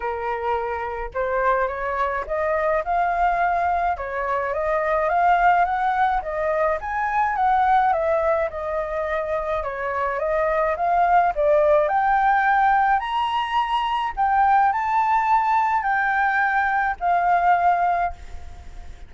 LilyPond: \new Staff \with { instrumentName = "flute" } { \time 4/4 \tempo 4 = 106 ais'2 c''4 cis''4 | dis''4 f''2 cis''4 | dis''4 f''4 fis''4 dis''4 | gis''4 fis''4 e''4 dis''4~ |
dis''4 cis''4 dis''4 f''4 | d''4 g''2 ais''4~ | ais''4 g''4 a''2 | g''2 f''2 | }